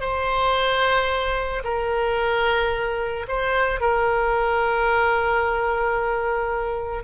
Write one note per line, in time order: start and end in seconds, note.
0.00 1.62 C5
1.64 3.26 A#4
3.28 3.80 C5
3.80 7.03 A#4